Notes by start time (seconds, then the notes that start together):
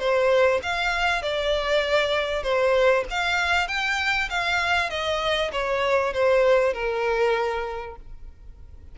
0.00 C5
0.63 F5
1.23 D5
2.44 C5
3.11 F5
3.68 G5
4.30 F5
4.90 D#5
5.52 C#5
6.14 C5
6.74 A#4